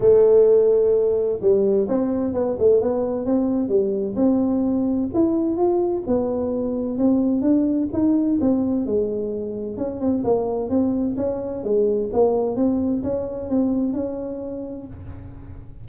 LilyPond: \new Staff \with { instrumentName = "tuba" } { \time 4/4 \tempo 4 = 129 a2. g4 | c'4 b8 a8 b4 c'4 | g4 c'2 e'4 | f'4 b2 c'4 |
d'4 dis'4 c'4 gis4~ | gis4 cis'8 c'8 ais4 c'4 | cis'4 gis4 ais4 c'4 | cis'4 c'4 cis'2 | }